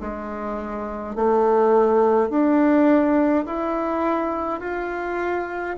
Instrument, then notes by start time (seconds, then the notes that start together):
bassoon
0.00 G#3
1.15 A3
2.30 D4
3.46 E4
4.60 F4